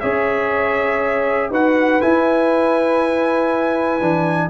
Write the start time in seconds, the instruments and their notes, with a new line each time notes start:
0.00 tuba C#4, trombone G#4, horn C#5, trumpet E5
1.50 tuba D#4, trombone F#4, horn B4, trumpet F#5
2.01 trombone E4, tuba E4, trumpet G#5
4.01 tuba E3, trombone D4